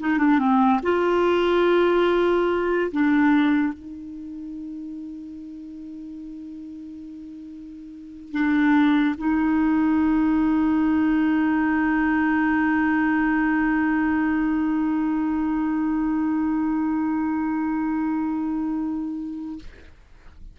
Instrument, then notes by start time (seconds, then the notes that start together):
clarinet
0.00 D#4
0.19 D4
0.39 C4
0.83 F4
2.92 D4
3.74 D#4
8.32 D4
9.18 D#4